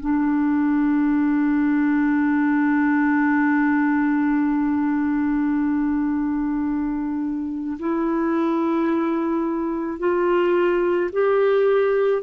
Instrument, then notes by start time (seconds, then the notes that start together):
clarinet
0.00 D4
7.79 E4
9.99 F4
11.12 G4